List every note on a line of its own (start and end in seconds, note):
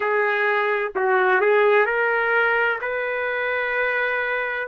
0.00 0.92 G#4
0.95 1.41 F#4
1.41 1.85 G#4
1.85 2.79 A#4
2.81 4.67 B4